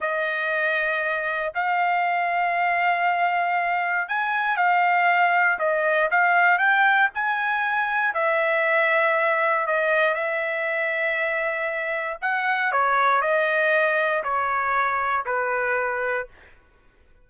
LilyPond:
\new Staff \with { instrumentName = "trumpet" } { \time 4/4 \tempo 4 = 118 dis''2. f''4~ | f''1 | gis''4 f''2 dis''4 | f''4 g''4 gis''2 |
e''2. dis''4 | e''1 | fis''4 cis''4 dis''2 | cis''2 b'2 | }